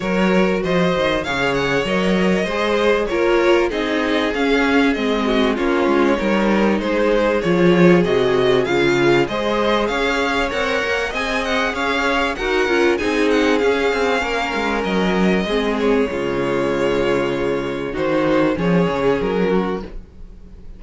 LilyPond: <<
  \new Staff \with { instrumentName = "violin" } { \time 4/4 \tempo 4 = 97 cis''4 dis''4 f''8 fis''8 dis''4~ | dis''4 cis''4 dis''4 f''4 | dis''4 cis''2 c''4 | cis''4 dis''4 f''4 dis''4 |
f''4 fis''4 gis''8 fis''8 f''4 | fis''4 gis''8 fis''8 f''2 | dis''4. cis''2~ cis''8~ | cis''4 c''4 cis''4 ais'4 | }
  \new Staff \with { instrumentName = "violin" } { \time 4/4 ais'4 c''4 cis''2 | c''4 ais'4 gis'2~ | gis'8 fis'8 f'4 ais'4 gis'4~ | gis'2. c''4 |
cis''2 dis''4 cis''4 | ais'4 gis'2 ais'4~ | ais'4 gis'4 f'2~ | f'4 fis'4 gis'4. fis'8 | }
  \new Staff \with { instrumentName = "viola" } { \time 4/4 fis'2 gis'4 ais'4 | gis'4 f'4 dis'4 cis'4 | c'4 cis'4 dis'2 | f'4 fis'4 f'4 gis'4~ |
gis'4 ais'4 gis'2 | fis'8 f'8 dis'4 cis'2~ | cis'4 c'4 gis2~ | gis4 dis'4 cis'2 | }
  \new Staff \with { instrumentName = "cello" } { \time 4/4 fis4 f8 dis8 cis4 fis4 | gis4 ais4 c'4 cis'4 | gis4 ais8 gis8 g4 gis4 | f4 c4 cis4 gis4 |
cis'4 c'8 ais8 c'4 cis'4 | dis'8 cis'8 c'4 cis'8 c'8 ais8 gis8 | fis4 gis4 cis2~ | cis4 dis4 f8 cis8 fis4 | }
>>